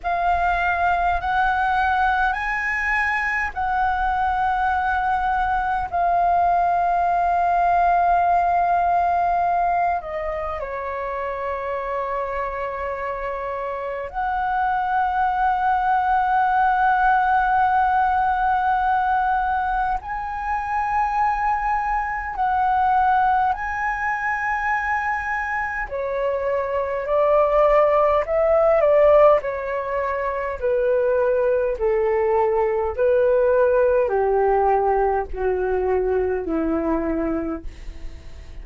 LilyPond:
\new Staff \with { instrumentName = "flute" } { \time 4/4 \tempo 4 = 51 f''4 fis''4 gis''4 fis''4~ | fis''4 f''2.~ | f''8 dis''8 cis''2. | fis''1~ |
fis''4 gis''2 fis''4 | gis''2 cis''4 d''4 | e''8 d''8 cis''4 b'4 a'4 | b'4 g'4 fis'4 e'4 | }